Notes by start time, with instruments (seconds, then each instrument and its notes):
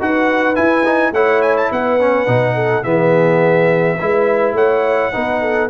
0.00 tuba D#4, trombone F#4, horn B4, trumpet F#5
0.55 trombone E4, tuba E4, trumpet G#5
0.85 trombone D#4
1.12 tuba A3, trombone E4, horn C#5, trumpet F#5
1.42 trumpet G#5
1.57 trumpet A5
1.72 tuba B3, horn B4, trumpet F#5
2.00 trombone C#4
2.27 tuba B2, trombone D#4
2.55 horn A4
2.83 tuba E3, trombone B3, horn G#4, trumpet E5
3.98 tuba G#3, trombone E4, horn B4
4.54 tuba A3, horn C#5, trumpet F#5
5.13 tuba B3, trombone D#4, horn B4
5.42 horn A4